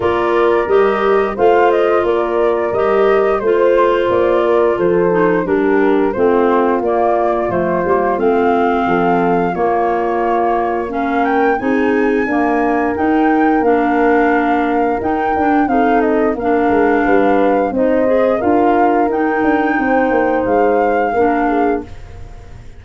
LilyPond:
<<
  \new Staff \with { instrumentName = "flute" } { \time 4/4 \tempo 4 = 88 d''4 dis''4 f''8 dis''8 d''4 | dis''4 c''4 d''4 c''4 | ais'4 c''4 d''4 c''4 | f''2 cis''2 |
f''8 g''8 gis''2 g''4 | f''2 g''4 f''8 dis''8 | f''2 dis''4 f''4 | g''2 f''2 | }
  \new Staff \with { instrumentName = "horn" } { \time 4/4 ais'2 c''4 ais'4~ | ais'4 c''4. ais'8 a'4 | g'4 f'2.~ | f'4 a'4 f'2 |
ais'4 gis'4 ais'2~ | ais'2. a'4 | ais'4 b'4 c''4 ais'4~ | ais'4 c''2 ais'8 gis'8 | }
  \new Staff \with { instrumentName = "clarinet" } { \time 4/4 f'4 g'4 f'2 | g'4 f'2~ f'8 dis'8 | d'4 c'4 ais4 a8 ais8 | c'2 ais2 |
cis'4 dis'4 ais4 dis'4 | d'2 dis'8 d'8 dis'4 | d'2 dis'8 gis'8 f'4 | dis'2. d'4 | }
  \new Staff \with { instrumentName = "tuba" } { \time 4/4 ais4 g4 a4 ais4 | g4 a4 ais4 f4 | g4 a4 ais4 f8 g8 | a4 f4 ais2~ |
ais4 c'4 d'4 dis'4 | ais2 dis'8 d'8 c'4 | ais8 gis8 g4 c'4 d'4 | dis'8 d'8 c'8 ais8 gis4 ais4 | }
>>